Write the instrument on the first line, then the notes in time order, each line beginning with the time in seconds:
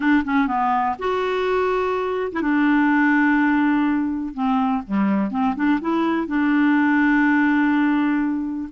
clarinet
0.00 D4
0.24 C#4
0.47 B3
0.99 F#4
2.32 E4
2.41 D4
4.34 C4
4.86 G3
5.30 C4
5.55 D4
5.80 E4
6.27 D4